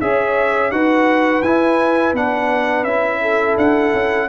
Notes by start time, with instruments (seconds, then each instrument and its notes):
0.00 tuba C#4, trombone G#4, horn C#5, trumpet E5
0.71 tuba D#4, trombone F#4, horn B4, trumpet F#5
1.42 tuba E4, trombone E4, trumpet G#5
2.13 tuba B3, trombone D4, trumpet F#5
2.83 tuba C#4, trombone E4, trumpet E5
3.21 horn A4
3.57 tuba D4, trumpet F#5
3.93 tuba C#4